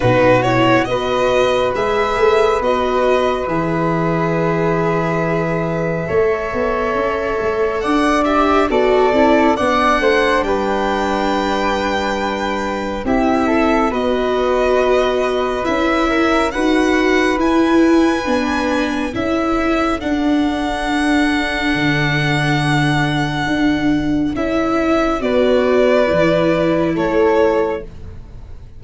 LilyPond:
<<
  \new Staff \with { instrumentName = "violin" } { \time 4/4 \tempo 4 = 69 b'8 cis''8 dis''4 e''4 dis''4 | e''1~ | e''4 fis''8 e''8 d''4 fis''4 | g''2. e''4 |
dis''2 e''4 fis''4 | gis''2 e''4 fis''4~ | fis''1 | e''4 d''2 cis''4 | }
  \new Staff \with { instrumentName = "flute" } { \time 4/4 fis'4 b'2.~ | b'2. cis''4~ | cis''4 d''4 a'4 d''8 c''8 | b'2. g'8 a'8 |
b'2~ b'8 ais'8 b'4~ | b'2 a'2~ | a'1~ | a'4 b'2 a'4 | }
  \new Staff \with { instrumentName = "viola" } { \time 4/4 dis'8 e'8 fis'4 gis'4 fis'4 | gis'2. a'4~ | a'4. g'8 fis'8 e'8 d'4~ | d'2. e'4 |
fis'2 e'4 fis'4 | e'4 d'4 e'4 d'4~ | d'1 | e'4 fis'4 e'2 | }
  \new Staff \with { instrumentName = "tuba" } { \time 4/4 b,4 b4 gis8 a8 b4 | e2. a8 b8 | cis'8 a8 d'4 b8 c'8 b8 a8 | g2. c'4 |
b2 cis'4 dis'4 | e'4 b4 cis'4 d'4~ | d'4 d2 d'4 | cis'4 b4 e4 a4 | }
>>